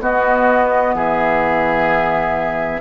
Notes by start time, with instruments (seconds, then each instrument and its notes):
0.00 clarinet B3, bassoon B3, oboe F#4, flute D#5
0.94 bassoon E3, oboe G#4, flute E5